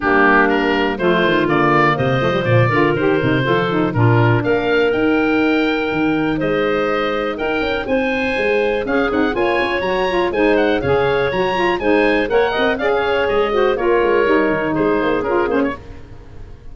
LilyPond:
<<
  \new Staff \with { instrumentName = "oboe" } { \time 4/4 \tempo 4 = 122 g'4 ais'4 c''4 d''4 | dis''4 d''4 c''2 | ais'4 f''4 g''2~ | g''4 dis''2 g''4 |
gis''2 f''8 fis''8 gis''4 | ais''4 gis''8 fis''8 f''4 ais''4 | gis''4 fis''4 f''4 dis''4 | cis''2 c''4 ais'8 c''16 cis''16 | }
  \new Staff \with { instrumentName = "clarinet" } { \time 4/4 d'2 f'2 | c''4. ais'4. a'4 | f'4 ais'2.~ | ais'4 c''2 ais'4 |
c''2 gis'4 cis''4~ | cis''4 c''4 cis''2 | c''4 cis''8 dis''8 d''16 cis''4~ cis''16 c''8 | ais'2 gis'2 | }
  \new Staff \with { instrumentName = "saxophone" } { \time 4/4 ais2 a4 ais4~ | ais8 a16 g16 f8 f'8 g'8 dis'8 f'8 dis'8 | d'2 dis'2~ | dis'1~ |
dis'2 cis'8 dis'8 f'4 | fis'8 f'8 dis'4 gis'4 fis'8 f'8 | dis'4 ais'4 gis'4. fis'8 | f'4 dis'2 f'8 cis'8 | }
  \new Staff \with { instrumentName = "tuba" } { \time 4/4 g2 f8 dis8 d4 | c8 f8 ais,8 d8 dis8 c8 f4 | ais,4 ais4 dis'2 | dis4 gis2 dis'8 cis'8 |
c'4 gis4 cis'8 c'8 ais8 cis'8 | fis4 gis4 cis4 fis4 | gis4 ais8 c'8 cis'4 gis4 | ais8 gis8 g8 dis8 gis8 ais8 cis'8 ais8 | }
>>